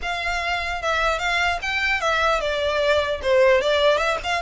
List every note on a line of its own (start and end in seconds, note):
0.01 0.81 F5
0.82 1.18 E5
1.18 1.58 F5
1.61 2.00 G5
2.00 2.40 E5
2.40 3.20 D5
3.22 3.61 C5
3.61 3.97 D5
3.97 4.17 E5
4.23 4.41 F5